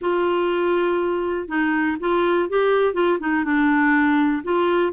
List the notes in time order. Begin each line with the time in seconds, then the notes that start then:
0.01 F4
1.48 D#4
1.99 F4
2.49 G4
2.93 F4
3.19 D#4
3.44 D4
4.43 F4